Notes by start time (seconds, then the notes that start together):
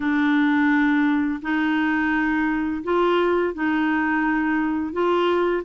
0.00 D4
1.41 D#4
2.83 F4
3.54 D#4
4.92 F4